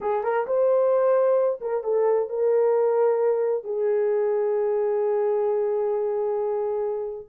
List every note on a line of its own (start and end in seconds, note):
0.00 0.23 G#4
0.23 0.46 A#4
0.46 1.60 C5
1.60 1.83 A#4
1.83 2.29 A4
2.29 3.63 A#4
3.63 7.27 G#4